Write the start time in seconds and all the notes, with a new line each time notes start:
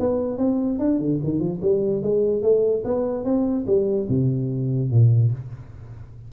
0.00 B3
0.38 C4
0.79 D4
1.00 D3
1.24 D#3
1.40 F3
1.62 G3
2.03 G#3
2.43 A3
2.85 B3
3.25 C4
3.67 G3
4.09 C3
4.91 A#2